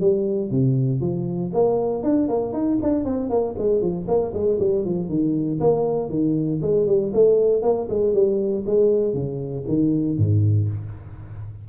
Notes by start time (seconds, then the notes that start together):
0.00 G3
0.51 C3
1.01 F3
1.53 A#3
2.03 D4
2.28 A#3
2.53 D#4
2.82 D4
3.05 C4
3.30 A#3
3.58 G#3
3.81 F3
4.07 A#3
4.34 G#3
4.60 G3
4.85 F3
5.09 D#3
5.60 A#3
6.09 D#3
6.62 G#3
6.87 G3
7.14 A3
7.62 A#3
7.90 G#3
8.14 G3
8.66 G#3
9.14 C#3
9.68 D#3
10.18 G#2